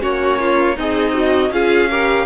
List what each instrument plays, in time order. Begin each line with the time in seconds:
0.00 cello A#3, viola C#4, violin F#4 C#5
0.40 violin F4
0.76 cello C4, violin D#4 D#5, viola G#4
1.14 viola F#4
1.50 cello C#4, viola F4, violin G#4 F5
1.90 viola G4, violin A#4